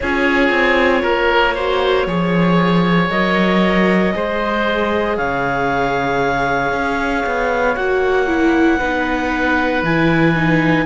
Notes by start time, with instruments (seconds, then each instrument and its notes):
0.00 cello C#4, viola F4, oboe G#4, clarinet C#5
0.50 cello C4
1.03 cello A#3, oboe A#4
1.55 viola F#4, oboe C5
2.06 cello F3, viola G#4, oboe C#5
3.09 cello F#3, viola A#4, clarinet D#5
4.12 cello G#3, viola G#4, oboe C5
5.17 cello C#3, oboe C#5, clarinet F5
6.72 cello C#4
7.26 cello B3
7.75 cello A#3, viola F#4, clarinet F#5
8.27 viola E4
8.77 cello B3, viola D#4, oboe B4
9.82 cello E3, viola E4, clarinet G#5
10.35 viola D#4